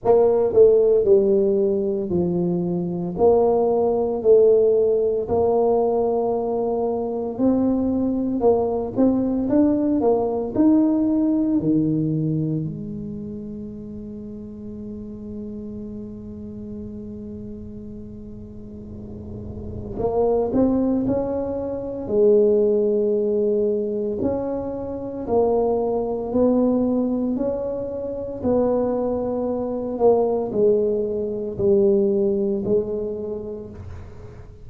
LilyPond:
\new Staff \with { instrumentName = "tuba" } { \time 4/4 \tempo 4 = 57 ais8 a8 g4 f4 ais4 | a4 ais2 c'4 | ais8 c'8 d'8 ais8 dis'4 dis4 | gis1~ |
gis2. ais8 c'8 | cis'4 gis2 cis'4 | ais4 b4 cis'4 b4~ | b8 ais8 gis4 g4 gis4 | }